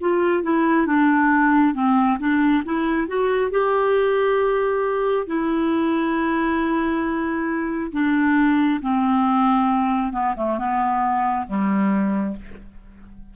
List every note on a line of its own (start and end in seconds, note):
0.00 0.43 F4
0.43 0.86 E4
0.86 1.74 D4
1.74 2.18 C4
2.19 2.63 D4
2.65 3.07 E4
3.07 3.51 F#4
3.51 5.27 G4
5.27 7.91 E4
7.92 8.80 D4
8.81 10.12 C4
10.12 10.34 B3
10.36 10.58 A3
10.58 11.46 B3
11.47 12.36 G3